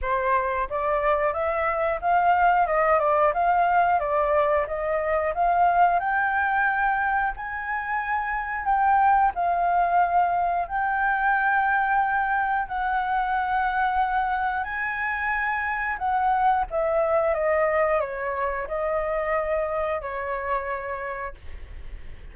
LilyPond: \new Staff \with { instrumentName = "flute" } { \time 4/4 \tempo 4 = 90 c''4 d''4 e''4 f''4 | dis''8 d''8 f''4 d''4 dis''4 | f''4 g''2 gis''4~ | gis''4 g''4 f''2 |
g''2. fis''4~ | fis''2 gis''2 | fis''4 e''4 dis''4 cis''4 | dis''2 cis''2 | }